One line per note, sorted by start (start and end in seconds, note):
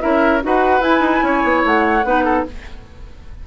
0.00 0.44 C#4
0.00 0.41 E4
0.00 0.43 A#4
0.00 0.42 E5
0.42 0.81 D#4
0.42 0.81 F#4
0.42 1.25 B4
0.42 0.83 F#5
0.81 1.00 E4
0.81 2.03 E4
0.81 1.64 G#5
1.00 1.21 D#4
1.23 1.43 C#4
1.23 2.06 C#5
1.44 1.64 B3
1.65 2.04 A3
1.65 2.47 F#5
2.04 2.45 B3
2.04 2.46 D#4
2.04 2.25 B4
2.25 2.45 A4